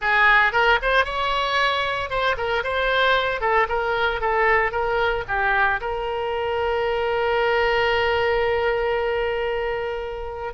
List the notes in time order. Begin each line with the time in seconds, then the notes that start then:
0.01 G#4
0.52 A#4
0.82 C5
1.04 C#5
2.09 C5
2.37 A#4
2.63 C5
3.40 A4
3.68 A#4
4.21 A4
4.71 A#4
5.28 G4
5.80 A#4